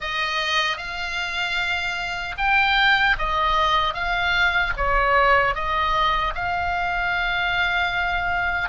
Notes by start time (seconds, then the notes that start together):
0.00 D#5
0.77 F5
2.37 G5
3.18 D#5
3.94 F5
4.76 C#5
5.54 D#5
6.34 F5